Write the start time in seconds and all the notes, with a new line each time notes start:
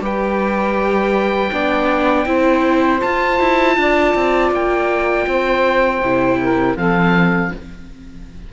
0.00 G3 G4 B4 G5
1.52 B3 D4 D5
2.25 C4 E4 C5
2.99 F4 A5
3.39 E4
3.77 D4 D5
4.15 C4
4.51 A#3 G5
5.27 C4 C5
6.01 C3 E4
6.40 A#4
6.76 F3 C4 A4 F5